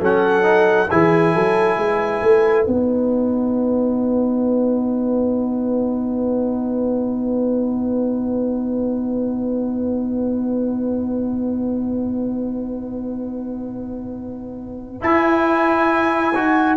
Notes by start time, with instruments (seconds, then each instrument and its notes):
0.00 tuba F#3, trombone C#4, horn A4, trumpet F#5
0.43 trombone D#4
0.90 tuba E3, trombone E4, horn G#4, trumpet G#5
1.35 tuba F#3, horn A4
1.77 tuba G#3, horn B4
2.22 tuba A3
2.66 tuba B3, trombone D#4, trumpet F#5
15.01 trombone E4, tuba E4, trumpet G#5
16.35 tuba D#4, trombone F#4